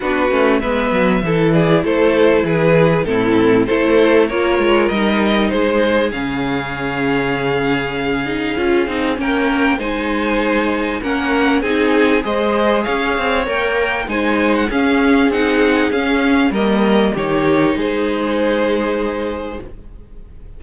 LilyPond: <<
  \new Staff \with { instrumentName = "violin" } { \time 4/4 \tempo 4 = 98 b'4 e''4. d''8 c''4 | b'4 a'4 c''4 cis''4 | dis''4 c''4 f''2~ | f''2. g''4 |
gis''2 fis''4 gis''4 | dis''4 f''4 g''4 gis''8. fis''16 | f''4 fis''4 f''4 dis''4 | cis''4 c''2. | }
  \new Staff \with { instrumentName = "violin" } { \time 4/4 fis'4 b'4 a'8 gis'8 a'4 | gis'4 e'4 a'4 ais'4~ | ais'4 gis'2.~ | gis'2. ais'4 |
c''2 ais'4 gis'4 | c''4 cis''2 c''4 | gis'2. ais'4 | g'4 gis'2. | }
  \new Staff \with { instrumentName = "viola" } { \time 4/4 d'8 cis'8 b4 e'2~ | e'4 c'4 e'4 f'4 | dis'2 cis'2~ | cis'4. dis'8 f'8 dis'8 cis'4 |
dis'2 cis'4 dis'4 | gis'2 ais'4 dis'4 | cis'4 dis'4 cis'4 ais4 | dis'1 | }
  \new Staff \with { instrumentName = "cello" } { \time 4/4 b8 a8 gis8 fis8 e4 a4 | e4 a,4 a4 ais8 gis8 | g4 gis4 cis2~ | cis2 cis'8 c'8 ais4 |
gis2 ais4 c'4 | gis4 cis'8 c'8 ais4 gis4 | cis'4 c'4 cis'4 g4 | dis4 gis2. | }
>>